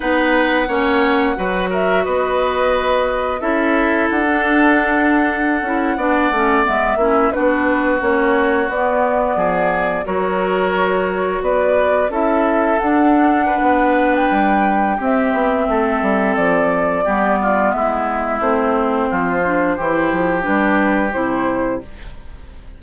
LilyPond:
<<
  \new Staff \with { instrumentName = "flute" } { \time 4/4 \tempo 4 = 88 fis''2~ fis''8 e''8 dis''4~ | dis''4 e''4 fis''2~ | fis''4.~ fis''16 e''4 b'4 cis''16~ | cis''8. d''2 cis''4~ cis''16~ |
cis''8. d''4 e''4 fis''4~ fis''16~ | fis''8. g''4~ g''16 e''2 | d''2 e''4 c''4~ | c''2 b'4 c''4 | }
  \new Staff \with { instrumentName = "oboe" } { \time 4/4 b'4 cis''4 b'8 ais'8 b'4~ | b'4 a'2.~ | a'8. d''4. e'8 fis'4~ fis'16~ | fis'4.~ fis'16 gis'4 ais'4~ ais'16~ |
ais'8. b'4 a'2 b'16~ | b'2 g'4 a'4~ | a'4 g'8 f'8 e'2 | f'4 g'2. | }
  \new Staff \with { instrumentName = "clarinet" } { \time 4/4 dis'4 cis'4 fis'2~ | fis'4 e'4~ e'16 d'4.~ d'16~ | d'16 e'8 d'8 cis'8 b8 cis'8 d'4 cis'16~ | cis'8. b2 fis'4~ fis'16~ |
fis'4.~ fis'16 e'4 d'4~ d'16~ | d'2 c'2~ | c'4 b2 c'4~ | c'8 d'8 e'4 d'4 e'4 | }
  \new Staff \with { instrumentName = "bassoon" } { \time 4/4 b4 ais4 fis4 b4~ | b4 cis'4 d'2~ | d'16 cis'8 b8 a8 gis8 ais8 b4 ais16~ | ais8. b4 f4 fis4~ fis16~ |
fis8. b4 cis'4 d'4~ d'16 | b4 g4 c'8 b8 a8 g8 | f4 g4 gis4 a4 | f4 e8 f8 g4 c4 | }
>>